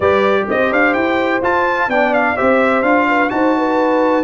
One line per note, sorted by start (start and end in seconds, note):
0.00 0.46 G3
0.00 1.42 G4
0.00 0.44 B4
0.00 0.47 D5
0.49 0.71 C4
0.49 1.90 C5
0.49 0.72 D#5
0.71 0.94 D4
0.71 0.93 F5
0.93 1.41 E4
0.93 1.40 G5
1.41 1.88 F4
1.41 1.89 F4
1.41 1.90 A5
1.88 2.35 B3
1.88 2.36 D4
1.88 2.35 D5
1.88 2.13 G5
2.13 2.36 F5
2.35 2.82 C4
2.35 2.83 G4
2.35 3.06 C5
2.35 2.82 E5
2.82 3.29 D4
2.82 3.29 F4
2.82 3.29 F5
3.08 3.31 B4
3.29 4.24 D#4
3.29 4.23 F#4
3.29 3.57 C5
3.29 4.24 A5
3.57 4.24 B4